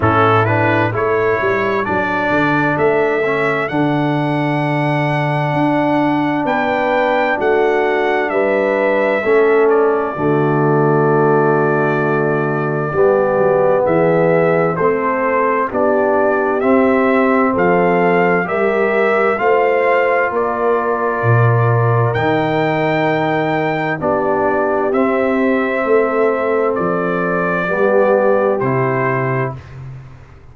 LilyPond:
<<
  \new Staff \with { instrumentName = "trumpet" } { \time 4/4 \tempo 4 = 65 a'8 b'8 cis''4 d''4 e''4 | fis''2. g''4 | fis''4 e''4. d''4.~ | d''2. e''4 |
c''4 d''4 e''4 f''4 | e''4 f''4 d''2 | g''2 d''4 e''4~ | e''4 d''2 c''4 | }
  \new Staff \with { instrumentName = "horn" } { \time 4/4 e'4 a'2.~ | a'2. b'4 | fis'4 b'4 a'4 fis'4~ | fis'2 g'4 gis'4 |
a'4 g'2 a'4 | ais'4 c''4 ais'2~ | ais'2 g'2 | a'2 g'2 | }
  \new Staff \with { instrumentName = "trombone" } { \time 4/4 cis'8 d'8 e'4 d'4. cis'8 | d'1~ | d'2 cis'4 a4~ | a2 b2 |
c'4 d'4 c'2 | g'4 f'2. | dis'2 d'4 c'4~ | c'2 b4 e'4 | }
  \new Staff \with { instrumentName = "tuba" } { \time 4/4 a,4 a8 g8 fis8 d8 a4 | d2 d'4 b4 | a4 g4 a4 d4~ | d2 g8 fis8 e4 |
a4 b4 c'4 f4 | g4 a4 ais4 ais,4 | dis2 b4 c'4 | a4 f4 g4 c4 | }
>>